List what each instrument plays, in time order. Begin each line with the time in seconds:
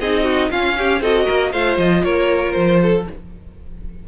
0.00 cello C4, viola D#4, violin G#4 D#5
0.24 violin F#4
0.50 cello C#4, viola C#4, violin F4 F5
0.78 violin G4
1.00 cello C4, viola F#4, violin A4 D#5
1.25 cello A#3, violin A#4
1.52 cello A3, viola F4, violin C5 F5
1.78 cello F3, violin D#5
2.03 cello A#3, violin A#4 C#5
2.52 cello F3, violin C5
2.82 violin A4